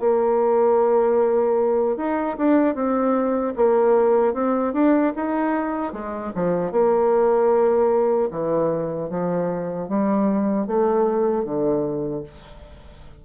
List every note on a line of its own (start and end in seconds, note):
0.00 1.97 A#3
1.97 2.36 D#4
2.38 2.75 D4
2.75 3.54 C4
3.56 4.33 A#3
4.33 4.73 C4
4.73 5.13 D4
5.16 5.93 D#4
5.93 6.32 G#3
6.35 6.72 F3
6.72 8.30 A#3
8.31 9.09 E3
9.09 9.88 F3
9.89 10.67 G3
10.67 11.44 A3
11.44 12.23 D3